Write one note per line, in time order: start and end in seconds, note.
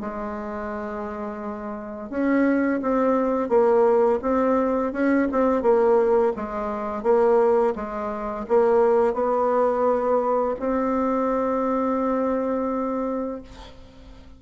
0.00 2.10 G#3
2.10 2.80 C#4
2.82 3.49 C4
3.49 4.19 A#3
4.22 4.93 C4
4.93 5.28 C#4
5.32 5.62 C4
5.62 6.33 A#3
6.36 7.03 G#3
7.03 7.74 A#3
7.75 8.46 G#3
8.48 9.14 A#3
9.14 10.55 B3
10.59 13.42 C4